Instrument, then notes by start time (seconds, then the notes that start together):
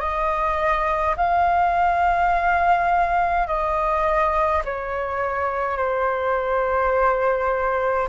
flute
0.00 D#5
1.17 F5
3.47 D#5
4.65 C#5
5.77 C5